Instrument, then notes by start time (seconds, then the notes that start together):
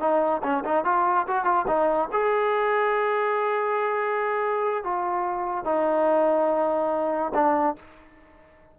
trombone
0.00 D#4
0.43 C#4
0.65 D#4
0.85 F4
1.27 F#4
1.45 F4
1.68 D#4
2.12 G#4
4.84 F4
5.65 D#4
7.34 D4